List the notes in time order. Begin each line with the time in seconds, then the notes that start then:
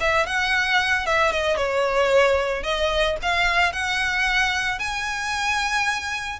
0.00 E5
0.26 F#5
1.06 E5
1.32 D#5
1.57 C#5
2.63 D#5
3.22 F5
3.73 F#5
4.79 G#5